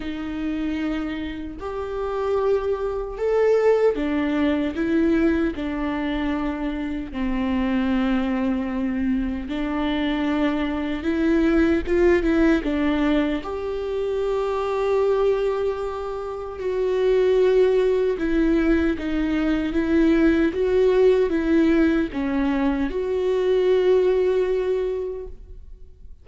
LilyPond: \new Staff \with { instrumentName = "viola" } { \time 4/4 \tempo 4 = 76 dis'2 g'2 | a'4 d'4 e'4 d'4~ | d'4 c'2. | d'2 e'4 f'8 e'8 |
d'4 g'2.~ | g'4 fis'2 e'4 | dis'4 e'4 fis'4 e'4 | cis'4 fis'2. | }